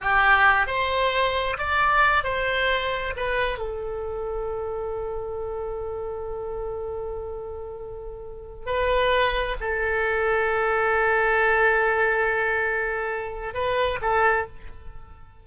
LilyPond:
\new Staff \with { instrumentName = "oboe" } { \time 4/4 \tempo 4 = 133 g'4. c''2 d''8~ | d''4 c''2 b'4 | a'1~ | a'1~ |
a'2.~ a'16 b'8.~ | b'4~ b'16 a'2~ a'8.~ | a'1~ | a'2 b'4 a'4 | }